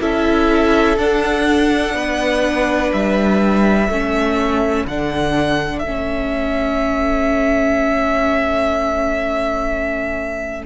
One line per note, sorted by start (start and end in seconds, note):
0.00 0.97 C#4
0.00 0.97 E4
0.00 1.95 A4
0.00 0.98 E5
0.97 1.93 D4
0.97 3.89 D4
0.97 2.92 F#5
1.93 2.90 B3
1.93 3.89 B4
2.92 3.88 G3
2.92 4.86 E5
3.88 4.85 A3
3.88 4.88 C#4
3.88 10.66 A4
4.85 5.82 D3
4.85 5.85 D4
4.85 5.79 F#5
5.79 10.66 A3
5.79 10.62 E5
5.85 10.66 C#4